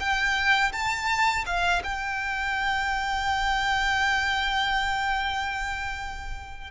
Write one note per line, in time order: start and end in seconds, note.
0.00 0.72 G5
0.73 1.45 A5
1.47 1.83 F5
1.84 6.71 G5